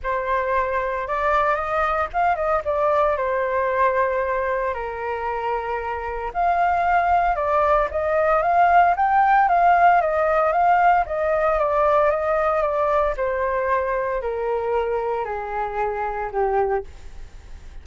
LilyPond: \new Staff \with { instrumentName = "flute" } { \time 4/4 \tempo 4 = 114 c''2 d''4 dis''4 | f''8 dis''8 d''4 c''2~ | c''4 ais'2. | f''2 d''4 dis''4 |
f''4 g''4 f''4 dis''4 | f''4 dis''4 d''4 dis''4 | d''4 c''2 ais'4~ | ais'4 gis'2 g'4 | }